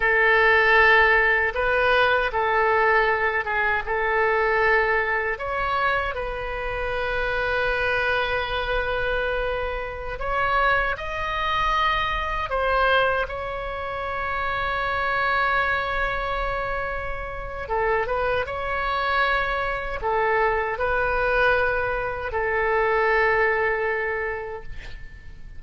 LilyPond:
\new Staff \with { instrumentName = "oboe" } { \time 4/4 \tempo 4 = 78 a'2 b'4 a'4~ | a'8 gis'8 a'2 cis''4 | b'1~ | b'4~ b'16 cis''4 dis''4.~ dis''16~ |
dis''16 c''4 cis''2~ cis''8.~ | cis''2. a'8 b'8 | cis''2 a'4 b'4~ | b'4 a'2. | }